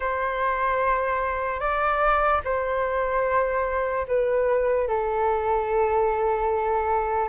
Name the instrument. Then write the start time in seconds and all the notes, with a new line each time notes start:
flute
0.00 C5
1.60 D5
2.44 C5
4.07 B4
4.88 A4